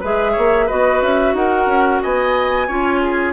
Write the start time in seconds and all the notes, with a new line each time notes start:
0.00 G#3 G#4 B4 E5
0.32 A#3 C#5
0.66 B3 F#4 B4 D#5
1.02 C#4 E5
1.33 D#4 A#4 F#5
1.66 C#4
2.02 B3 D#5 G#5
2.67 C#4 F4 C#5
3.02 G#4